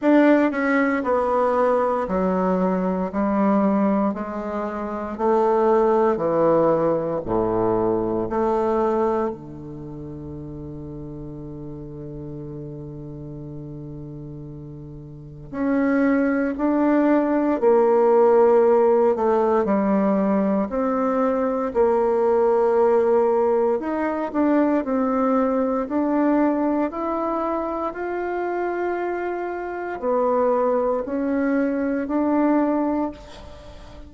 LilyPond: \new Staff \with { instrumentName = "bassoon" } { \time 4/4 \tempo 4 = 58 d'8 cis'8 b4 fis4 g4 | gis4 a4 e4 a,4 | a4 d2.~ | d2. cis'4 |
d'4 ais4. a8 g4 | c'4 ais2 dis'8 d'8 | c'4 d'4 e'4 f'4~ | f'4 b4 cis'4 d'4 | }